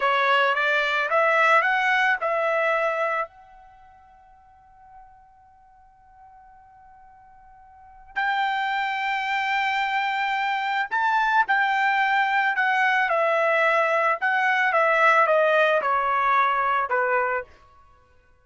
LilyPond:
\new Staff \with { instrumentName = "trumpet" } { \time 4/4 \tempo 4 = 110 cis''4 d''4 e''4 fis''4 | e''2 fis''2~ | fis''1~ | fis''2. g''4~ |
g''1 | a''4 g''2 fis''4 | e''2 fis''4 e''4 | dis''4 cis''2 b'4 | }